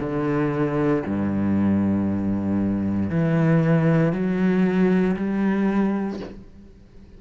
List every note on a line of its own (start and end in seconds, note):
0.00 1.03 D3
1.06 3.09 G2
3.09 4.12 E3
4.12 5.16 F#3
5.16 6.20 G3